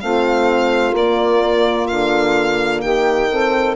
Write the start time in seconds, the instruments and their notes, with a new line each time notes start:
0.00 bassoon A3, horn C4, saxophone F4, violin F5
0.93 bassoon A#3, horn A#3, violin D5
1.87 bassoon D3, violin F5
2.81 bassoon D#3, saxophone G4, violin G5
3.29 horn C4, saxophone A4